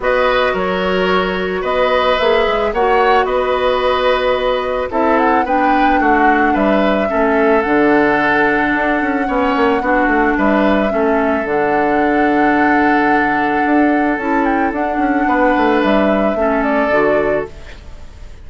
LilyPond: <<
  \new Staff \with { instrumentName = "flute" } { \time 4/4 \tempo 4 = 110 dis''4 cis''2 dis''4 | e''4 fis''4 dis''2~ | dis''4 e''8 fis''8 g''4 fis''4 | e''2 fis''2~ |
fis''2. e''4~ | e''4 fis''2.~ | fis''2 a''8 g''8 fis''4~ | fis''4 e''4. d''4. | }
  \new Staff \with { instrumentName = "oboe" } { \time 4/4 b'4 ais'2 b'4~ | b'4 cis''4 b'2~ | b'4 a'4 b'4 fis'4 | b'4 a'2.~ |
a'4 cis''4 fis'4 b'4 | a'1~ | a'1 | b'2 a'2 | }
  \new Staff \with { instrumentName = "clarinet" } { \time 4/4 fis'1 | gis'4 fis'2.~ | fis'4 e'4 d'2~ | d'4 cis'4 d'2~ |
d'4 cis'4 d'2 | cis'4 d'2.~ | d'2 e'4 d'4~ | d'2 cis'4 fis'4 | }
  \new Staff \with { instrumentName = "bassoon" } { \time 4/4 b4 fis2 b4 | ais8 gis8 ais4 b2~ | b4 c'4 b4 a4 | g4 a4 d2 |
d'8 cis'8 b8 ais8 b8 a8 g4 | a4 d2.~ | d4 d'4 cis'4 d'8 cis'8 | b8 a8 g4 a4 d4 | }
>>